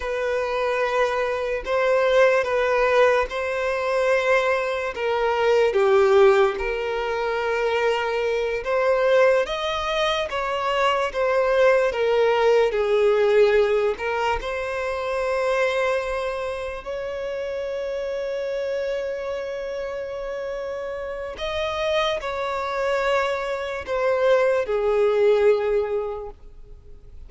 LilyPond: \new Staff \with { instrumentName = "violin" } { \time 4/4 \tempo 4 = 73 b'2 c''4 b'4 | c''2 ais'4 g'4 | ais'2~ ais'8 c''4 dis''8~ | dis''8 cis''4 c''4 ais'4 gis'8~ |
gis'4 ais'8 c''2~ c''8~ | c''8 cis''2.~ cis''8~ | cis''2 dis''4 cis''4~ | cis''4 c''4 gis'2 | }